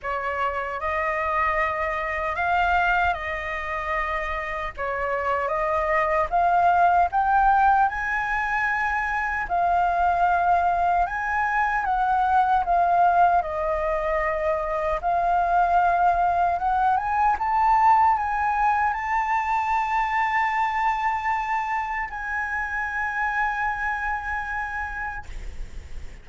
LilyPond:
\new Staff \with { instrumentName = "flute" } { \time 4/4 \tempo 4 = 76 cis''4 dis''2 f''4 | dis''2 cis''4 dis''4 | f''4 g''4 gis''2 | f''2 gis''4 fis''4 |
f''4 dis''2 f''4~ | f''4 fis''8 gis''8 a''4 gis''4 | a''1 | gis''1 | }